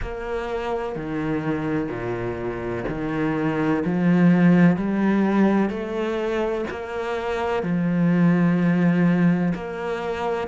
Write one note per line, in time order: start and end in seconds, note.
0.01 0.95 A#3
0.95 1.88 D#3
1.88 2.84 A#2
2.88 3.84 D#3
3.84 4.76 F3
4.76 5.69 G3
5.69 6.64 A3
6.70 7.62 A#3
7.62 9.53 F3
9.54 10.47 A#3